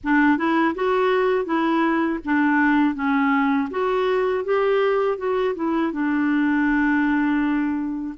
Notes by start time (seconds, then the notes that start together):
0.03 D4
0.37 E4
0.74 F#4
1.45 E4
2.24 D4
2.94 C#4
3.70 F#4
4.44 G4
5.17 F#4
5.55 E4
5.92 D4